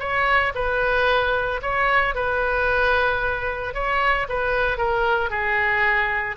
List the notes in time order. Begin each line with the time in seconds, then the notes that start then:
0.00 C#5
0.55 B4
1.63 C#5
2.15 B4
3.75 C#5
4.29 B4
4.78 A#4
5.30 G#4